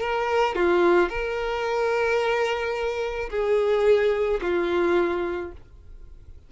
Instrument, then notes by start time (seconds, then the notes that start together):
violin
0.00 A#4
0.55 F4
1.09 A#4
3.30 G#4
4.41 F4